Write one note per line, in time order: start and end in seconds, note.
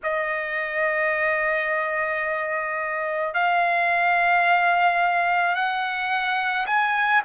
0.03 3.33 D#5
3.33 5.55 F5
5.55 6.66 F#5
6.66 7.22 G#5